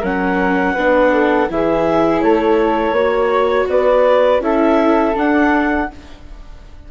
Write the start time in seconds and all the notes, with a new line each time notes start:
0.00 F#3 C#4 A#4 F#5
0.74 B3 D4 B4
1.13 A4
1.49 E3 E4 G#4 E5
2.21 A3 A4 C#5
2.92 A#3 F#4 C#5
3.68 B3 B4 D5
4.40 C#4 E4 A4 E5
5.15 D4 F#5